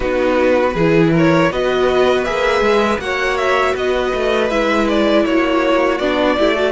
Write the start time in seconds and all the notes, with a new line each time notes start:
0.00 B3 D#4 F#4 B4
0.74 E3 E4 G#4
1.12 A#4 C#5
1.51 B3 F#4 B4 D#5
2.24 A#3 G#4 E5
2.61 G#3
2.99 A#3 F#4 C#5 F#5
3.37 E5
3.73 B3 B4 D#5
4.13 A3
4.50 G#3 E4 E5
4.88 D5
5.25 A#3 F#4 C#5
5.98 B3 D4 D5
6.38 A3 E4 G4
6.53 F#4 A4